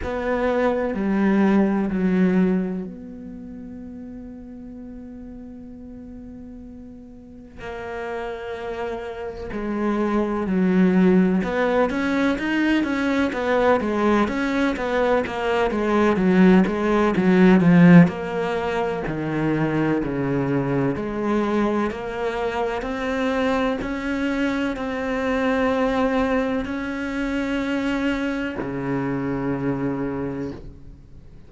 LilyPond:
\new Staff \with { instrumentName = "cello" } { \time 4/4 \tempo 4 = 63 b4 g4 fis4 b4~ | b1 | ais2 gis4 fis4 | b8 cis'8 dis'8 cis'8 b8 gis8 cis'8 b8 |
ais8 gis8 fis8 gis8 fis8 f8 ais4 | dis4 cis4 gis4 ais4 | c'4 cis'4 c'2 | cis'2 cis2 | }